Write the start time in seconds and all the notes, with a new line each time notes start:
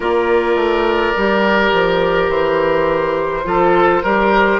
0.00 A#3 F4 A#4 D5
0.55 A3
1.16 G3 G4
1.72 F3
2.28 E3 C5
3.44 F3 F4 A4
4.03 G3 G4 A#4